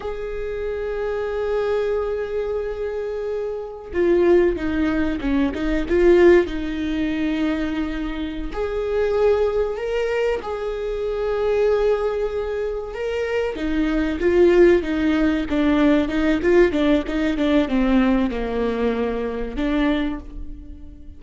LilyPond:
\new Staff \with { instrumentName = "viola" } { \time 4/4 \tempo 4 = 95 gis'1~ | gis'2~ gis'16 f'4 dis'8.~ | dis'16 cis'8 dis'8 f'4 dis'4.~ dis'16~ | dis'4. gis'2 ais'8~ |
ais'8 gis'2.~ gis'8~ | gis'8 ais'4 dis'4 f'4 dis'8~ | dis'8 d'4 dis'8 f'8 d'8 dis'8 d'8 | c'4 ais2 d'4 | }